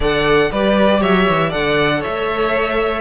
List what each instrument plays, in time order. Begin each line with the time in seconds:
0.00 cello D3, viola A4, violin D5 F#5
0.51 cello G3, viola G4, violin B4 D5
1.00 cello F#3, violin C#5 E5
1.28 cello E3
1.49 cello D3, viola A4, violin D5 F#5
1.99 violin C#5 E5
2.07 cello A3